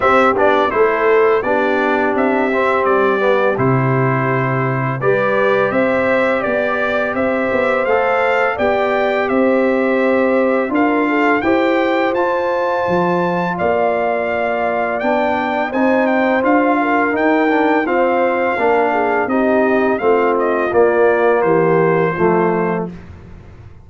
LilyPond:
<<
  \new Staff \with { instrumentName = "trumpet" } { \time 4/4 \tempo 4 = 84 e''8 d''8 c''4 d''4 e''4 | d''4 c''2 d''4 | e''4 d''4 e''4 f''4 | g''4 e''2 f''4 |
g''4 a''2 f''4~ | f''4 g''4 gis''8 g''8 f''4 | g''4 f''2 dis''4 | f''8 dis''8 d''4 c''2 | }
  \new Staff \with { instrumentName = "horn" } { \time 4/4 g'4 a'4 g'2~ | g'2. b'4 | c''4 d''4 c''2 | d''4 c''2 ais'8 a'8 |
c''2. d''4~ | d''2 c''4. ais'8~ | ais'4 c''4 ais'8 gis'8 g'4 | f'2 g'4 f'4 | }
  \new Staff \with { instrumentName = "trombone" } { \time 4/4 c'8 d'8 e'4 d'4. c'8~ | c'8 b8 e'2 g'4~ | g'2. a'4 | g'2. f'4 |
g'4 f'2.~ | f'4 d'4 dis'4 f'4 | dis'8 d'8 c'4 d'4 dis'4 | c'4 ais2 a4 | }
  \new Staff \with { instrumentName = "tuba" } { \time 4/4 c'8 b8 a4 b4 c'4 | g4 c2 g4 | c'4 b4 c'8 b8 a4 | b4 c'2 d'4 |
e'4 f'4 f4 ais4~ | ais4 b4 c'4 d'4 | dis'4 f'4 ais4 c'4 | a4 ais4 e4 f4 | }
>>